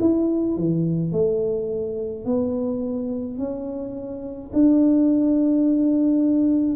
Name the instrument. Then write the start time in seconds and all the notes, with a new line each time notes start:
tuba
0.00 E4
0.57 E3
1.12 A3
2.25 B3
3.38 C#4
4.53 D4